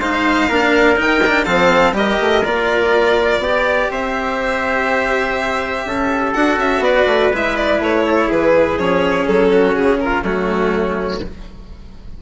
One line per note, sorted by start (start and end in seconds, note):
0.00 0.49 G#3
0.00 0.51 D#4
0.00 0.49 C5
0.00 0.98 F5
0.49 0.98 A#3
0.49 0.97 D4
0.49 1.46 A#4
0.97 1.46 D#3
0.97 1.21 D#4
0.97 1.45 G5
1.27 1.46 D4
1.45 1.93 F3
1.45 1.94 C4
1.45 1.95 A4
1.45 1.93 F5
1.93 2.17 G3
1.93 2.42 G4
1.93 3.42 A#4
1.93 2.45 D#5
2.21 2.45 A3
2.45 3.39 A#3
2.45 3.43 F4
2.45 3.91 D5
3.39 3.88 B3
3.39 6.35 G4
3.39 3.91 D5
3.91 5.86 C4
3.91 5.87 C5
3.91 6.34 E5
5.86 6.34 C#4
5.86 6.84 A4
6.34 6.58 D4
6.34 7.33 F#4
6.34 6.58 F#5
6.58 6.80 C#4
6.58 6.84 E5
6.80 7.04 B3
6.80 8.06 B4
6.80 7.33 D5
7.07 7.31 A3
7.34 7.80 G#3
7.34 8.80 E4
7.34 7.57 E5
7.57 7.81 D5
7.80 8.29 A3
7.80 8.31 C#5
8.07 8.29 A4
8.29 8.78 E3
8.29 9.51 G#4
8.29 8.79 B4
8.78 9.27 F3
8.78 10.23 C#4
8.78 9.27 C#5
9.27 9.77 F#3
9.27 9.76 A4
9.51 10.00 F#4
9.76 10.24 C#3
9.76 10.00 G#4
10.00 10.25 F4
10.00 10.24 A#4
10.23 11.22 F#3
10.23 11.20 A3
10.23 11.23 C#4
10.23 11.22 F#4